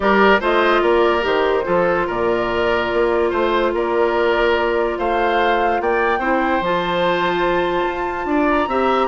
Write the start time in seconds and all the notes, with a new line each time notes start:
0.00 G3 G4 A#4 D5
0.40 A3 F4 C5 D#5
0.82 A#3 A#4 D5
1.21 D#3 G4 C5
1.64 F3 F4 A4
2.07 A#2 A#4 D5
2.93 A#3
3.29 A3 C5
3.73 A#3 A#4 D5
4.98 A3 C5 F5
5.80 A#3 D5 G5
6.18 C4 E4 C5
6.61 F3 F4 A5
7.87 F4
8.25 D4 D5
8.49 A#5
8.67 C4 G4 E5